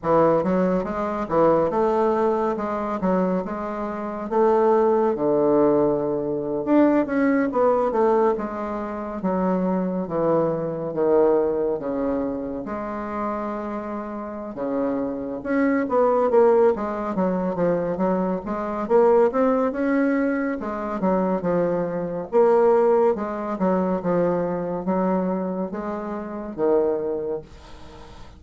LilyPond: \new Staff \with { instrumentName = "bassoon" } { \time 4/4 \tempo 4 = 70 e8 fis8 gis8 e8 a4 gis8 fis8 | gis4 a4 d4.~ d16 d'16~ | d'16 cis'8 b8 a8 gis4 fis4 e16~ | e8. dis4 cis4 gis4~ gis16~ |
gis4 cis4 cis'8 b8 ais8 gis8 | fis8 f8 fis8 gis8 ais8 c'8 cis'4 | gis8 fis8 f4 ais4 gis8 fis8 | f4 fis4 gis4 dis4 | }